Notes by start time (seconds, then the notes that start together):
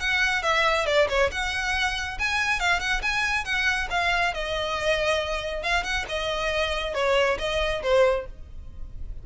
0.00 F#5
0.42 E5
0.86 D5
1.09 C#5
1.31 F#5
2.19 G#5
2.60 F5
2.80 F#5
3.02 G#5
3.44 F#5
3.90 F5
4.34 D#5
5.63 F5
5.84 F#5
6.09 D#5
6.94 C#5
7.39 D#5
7.83 C5